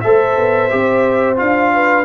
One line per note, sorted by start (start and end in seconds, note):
0.00 0.36 A3
0.00 0.70 A4
0.00 1.74 C5
0.00 1.36 E5
0.36 0.70 B3
0.70 1.40 C4
0.70 1.36 G4
1.36 2.05 D4
1.36 2.04 F4
1.36 2.05 F5
1.74 2.05 B4